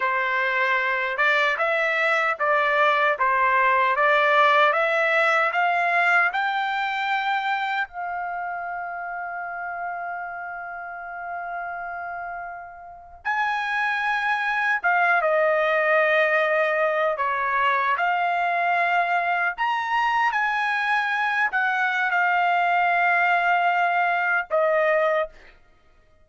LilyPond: \new Staff \with { instrumentName = "trumpet" } { \time 4/4 \tempo 4 = 76 c''4. d''8 e''4 d''4 | c''4 d''4 e''4 f''4 | g''2 f''2~ | f''1~ |
f''8. gis''2 f''8 dis''8.~ | dis''4.~ dis''16 cis''4 f''4~ f''16~ | f''8. ais''4 gis''4. fis''8. | f''2. dis''4 | }